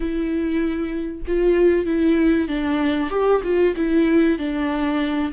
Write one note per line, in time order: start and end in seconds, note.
0.00 1.22 E4
1.27 1.85 F4
1.85 2.48 E4
2.48 3.10 D4
3.10 3.41 G4
3.43 3.74 F4
3.76 4.38 E4
4.38 5.32 D4